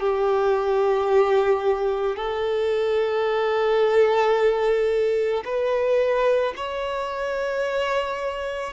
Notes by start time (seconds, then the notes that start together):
0.00 G4
2.16 A4
5.45 B4
6.57 C#5